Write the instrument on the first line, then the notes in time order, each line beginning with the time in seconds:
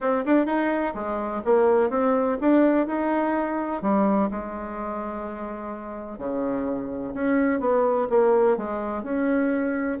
bassoon
0.00 C4
0.25 D4
0.45 D#4
0.94 G#3
1.44 A#3
1.90 C4
2.40 D4
2.86 D#4
3.82 G3
4.30 G#3
6.18 C#3
7.14 C#4
7.60 B3
8.09 A#3
8.57 G#3
9.03 C#4